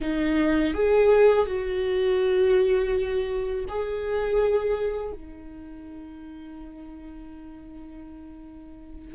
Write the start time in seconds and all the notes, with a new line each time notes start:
0.00 D#4
0.74 G#4
1.45 F#4
3.68 G#4
5.12 D#4